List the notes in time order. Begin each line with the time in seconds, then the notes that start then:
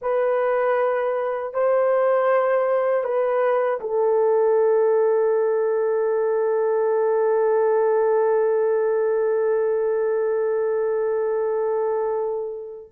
0.01 B4
1.53 C5
3.04 B4
3.80 A4